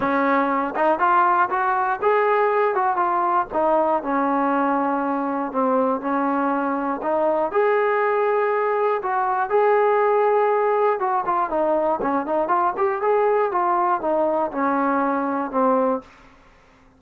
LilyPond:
\new Staff \with { instrumentName = "trombone" } { \time 4/4 \tempo 4 = 120 cis'4. dis'8 f'4 fis'4 | gis'4. fis'8 f'4 dis'4 | cis'2. c'4 | cis'2 dis'4 gis'4~ |
gis'2 fis'4 gis'4~ | gis'2 fis'8 f'8 dis'4 | cis'8 dis'8 f'8 g'8 gis'4 f'4 | dis'4 cis'2 c'4 | }